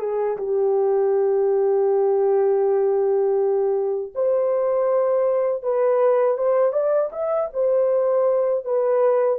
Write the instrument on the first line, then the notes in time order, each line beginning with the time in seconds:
horn
0.00 G#4
0.38 G4
4.15 C5
5.63 B4
6.38 C5
6.73 D5
7.12 E5
7.53 C5
8.65 B4